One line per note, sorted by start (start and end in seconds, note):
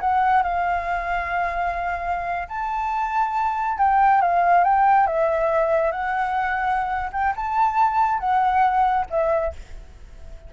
0.00 0.43 F#5
0.43 2.48 F5
2.48 3.77 A5
3.78 4.21 G5
4.21 4.64 F5
4.64 5.06 G5
5.06 5.91 E5
5.91 7.10 F#5
7.12 7.34 G5
7.36 8.19 A5
8.19 9.05 F#5
9.10 9.53 E5